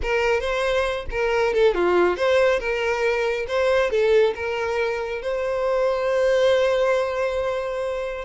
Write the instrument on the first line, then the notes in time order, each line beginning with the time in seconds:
violin
0.02 A#4
0.40 C5
1.10 A#4
1.53 A4
1.74 F4
2.16 C5
2.59 A#4
3.47 C5
3.90 A4
4.35 A#4
5.22 C5